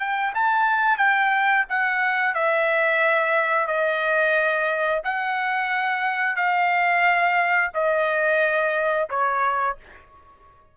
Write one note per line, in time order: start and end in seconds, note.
0.00 0.34 G5
0.35 0.98 A5
0.98 1.65 G5
1.69 2.35 F#5
2.35 3.67 E5
3.67 5.02 D#5
5.04 6.36 F#5
6.36 7.71 F5
7.74 9.09 D#5
9.10 9.78 C#5